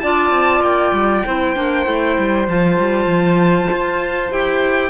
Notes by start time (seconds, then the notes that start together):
0.00 D4 F4 D5 A5
0.30 C4
0.61 A#3 G5
0.92 G3
1.25 C4 E4 C5
1.55 A#3 D4
1.85 A3 E4
2.18 G3
2.48 F3 F4 A5
2.79 G3
3.06 F3
3.71 F4
4.30 E4 G4 G5